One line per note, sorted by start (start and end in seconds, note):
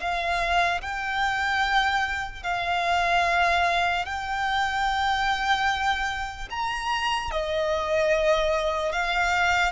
0.00 0.81 F5
0.81 2.43 G5
2.43 4.05 F5
4.05 6.49 G5
6.50 7.31 A#5
7.31 8.92 D#5
8.92 9.72 F5